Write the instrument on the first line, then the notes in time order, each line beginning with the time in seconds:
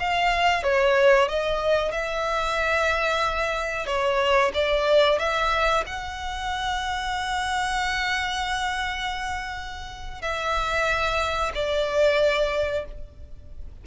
violin
0.00 F5
0.63 C#5
1.29 D#5
1.92 E5
3.87 C#5
4.54 D5
5.19 E5
5.87 F#5
10.22 E5
11.55 D5